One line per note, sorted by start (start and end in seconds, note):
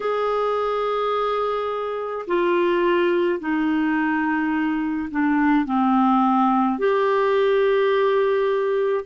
0.00 2.26 G#4
2.27 3.39 F4
3.39 5.09 D#4
5.10 5.65 D4
5.65 6.78 C4
6.78 9.05 G4